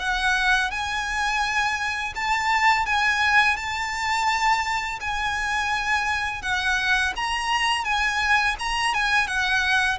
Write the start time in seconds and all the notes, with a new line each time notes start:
0.00 F#5
0.71 G#5
2.16 A5
2.86 G#5
3.57 A5
5.01 G#5
6.43 F#5
7.17 A#5
7.85 G#5
8.60 A#5
8.94 G#5
9.28 F#5